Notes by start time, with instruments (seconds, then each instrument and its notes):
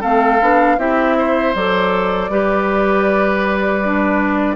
0.00 bassoon A3, clarinet C4, oboe A4, flute F5
0.41 bassoon B3, clarinet D4
0.77 bassoon C4, clarinet E4, oboe G4, flute E5
1.18 oboe C5
1.54 bassoon F#3, clarinet A4, flute D5
2.29 bassoon G3, clarinet G4, oboe B4
3.84 clarinet D4